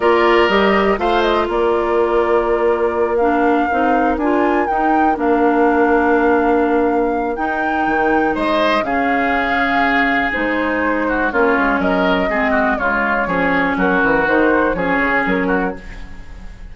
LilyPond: <<
  \new Staff \with { instrumentName = "flute" } { \time 4/4 \tempo 4 = 122 d''4 dis''4 f''8 dis''8 d''4~ | d''2~ d''8 f''4.~ | f''8 gis''4 g''4 f''4.~ | f''2. g''4~ |
g''4 dis''4 f''2~ | f''4 c''2 cis''4 | dis''2 cis''2 | ais'4 c''4 cis''4 ais'4 | }
  \new Staff \with { instrumentName = "oboe" } { \time 4/4 ais'2 c''4 ais'4~ | ais'1~ | ais'1~ | ais'1~ |
ais'4 c''4 gis'2~ | gis'2~ gis'8 fis'8 f'4 | ais'4 gis'8 fis'8 f'4 gis'4 | fis'2 gis'4. fis'8 | }
  \new Staff \with { instrumentName = "clarinet" } { \time 4/4 f'4 g'4 f'2~ | f'2~ f'8 d'4 dis'8~ | dis'8 f'4 dis'4 d'4.~ | d'2. dis'4~ |
dis'2 cis'2~ | cis'4 dis'2 cis'4~ | cis'4 c'4 gis4 cis'4~ | cis'4 dis'4 cis'2 | }
  \new Staff \with { instrumentName = "bassoon" } { \time 4/4 ais4 g4 a4 ais4~ | ais2.~ ais8 c'8~ | c'8 d'4 dis'4 ais4.~ | ais2. dis'4 |
dis4 gis4 cis2~ | cis4 gis2 ais8 gis8 | fis4 gis4 cis4 f4 | fis8 e8 dis4 f8 cis8 fis4 | }
>>